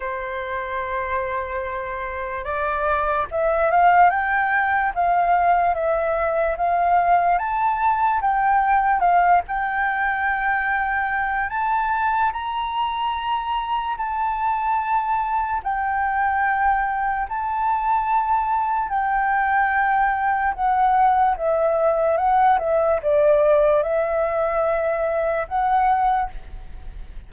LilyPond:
\new Staff \with { instrumentName = "flute" } { \time 4/4 \tempo 4 = 73 c''2. d''4 | e''8 f''8 g''4 f''4 e''4 | f''4 a''4 g''4 f''8 g''8~ | g''2 a''4 ais''4~ |
ais''4 a''2 g''4~ | g''4 a''2 g''4~ | g''4 fis''4 e''4 fis''8 e''8 | d''4 e''2 fis''4 | }